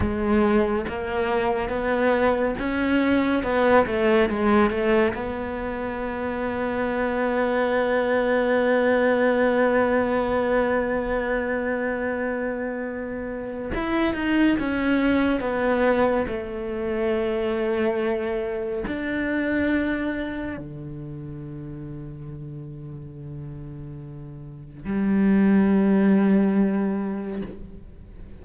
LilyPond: \new Staff \with { instrumentName = "cello" } { \time 4/4 \tempo 4 = 70 gis4 ais4 b4 cis'4 | b8 a8 gis8 a8 b2~ | b1~ | b1 |
e'8 dis'8 cis'4 b4 a4~ | a2 d'2 | d1~ | d4 g2. | }